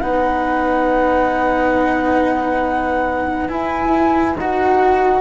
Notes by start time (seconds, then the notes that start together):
0.00 B3 D#4 B4 F#5
3.47 E4 G#5
4.34 D#4 F#4 F#5